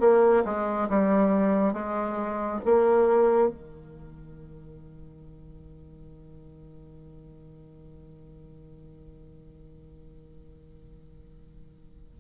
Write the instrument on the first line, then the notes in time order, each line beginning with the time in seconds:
bassoon
0.00 A#3
0.45 G#3
0.89 G3
1.73 G#3
2.65 A#3
3.49 D#3